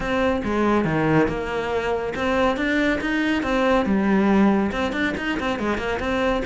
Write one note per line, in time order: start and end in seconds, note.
0.00 0.42 C4
0.44 0.85 G#3
0.85 1.27 D#3
1.28 2.13 A#3
2.15 2.57 C4
2.57 2.99 D4
3.00 3.43 D#4
3.43 3.85 C4
3.85 4.71 G3
4.72 4.92 C4
4.92 5.14 D4
5.17 5.38 D#4
5.39 5.59 C4
5.59 5.77 G#3
5.77 5.99 A#3
5.99 6.42 C4